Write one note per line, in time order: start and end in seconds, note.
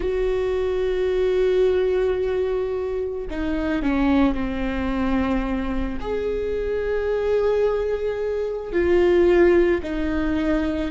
0.00 3.27 F#4
3.30 3.82 D#4
3.82 4.34 C#4
4.34 5.98 C4
6.00 8.72 G#4
8.72 9.81 F4
9.82 10.91 D#4